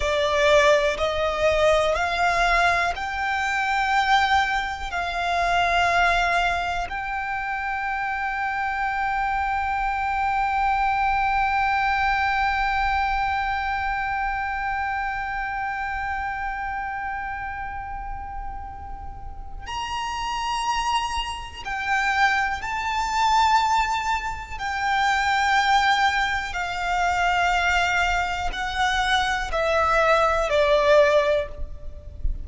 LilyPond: \new Staff \with { instrumentName = "violin" } { \time 4/4 \tempo 4 = 61 d''4 dis''4 f''4 g''4~ | g''4 f''2 g''4~ | g''1~ | g''1~ |
g''1 | ais''2 g''4 a''4~ | a''4 g''2 f''4~ | f''4 fis''4 e''4 d''4 | }